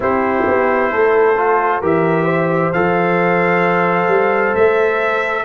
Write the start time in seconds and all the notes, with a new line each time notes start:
0.00 C4 E4 G4 C5
0.47 B3
0.91 A3 A4
1.37 F4
1.81 E3 G4 A#4 E5
2.24 C5
2.73 F3 A4 F5
4.07 G3
4.55 A3 E5